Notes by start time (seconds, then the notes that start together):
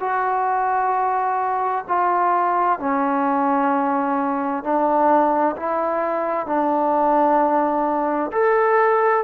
0.00 F#4
1.88 F4
2.79 C#4
4.63 D4
5.56 E4
6.47 D4
8.32 A4